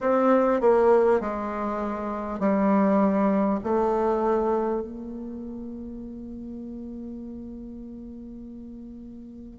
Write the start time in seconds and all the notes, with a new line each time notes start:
0.00 C4
0.61 A#3
1.20 G#3
2.39 G3
3.63 A3
4.81 A#3